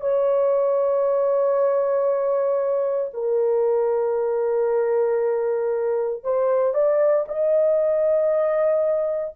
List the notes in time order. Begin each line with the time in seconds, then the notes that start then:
0.00 C#5
3.13 A#4
6.24 C5
6.74 D5
7.27 D#5